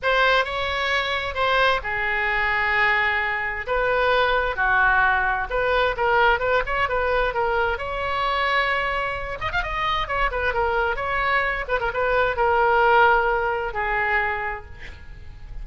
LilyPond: \new Staff \with { instrumentName = "oboe" } { \time 4/4 \tempo 4 = 131 c''4 cis''2 c''4 | gis'1 | b'2 fis'2 | b'4 ais'4 b'8 cis''8 b'4 |
ais'4 cis''2.~ | cis''8 dis''16 f''16 dis''4 cis''8 b'8 ais'4 | cis''4. b'16 ais'16 b'4 ais'4~ | ais'2 gis'2 | }